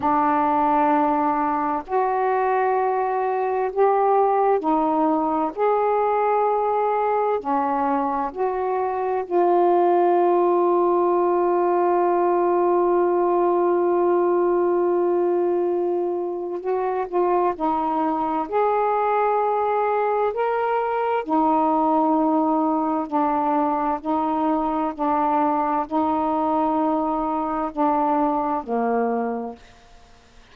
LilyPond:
\new Staff \with { instrumentName = "saxophone" } { \time 4/4 \tempo 4 = 65 d'2 fis'2 | g'4 dis'4 gis'2 | cis'4 fis'4 f'2~ | f'1~ |
f'2 fis'8 f'8 dis'4 | gis'2 ais'4 dis'4~ | dis'4 d'4 dis'4 d'4 | dis'2 d'4 ais4 | }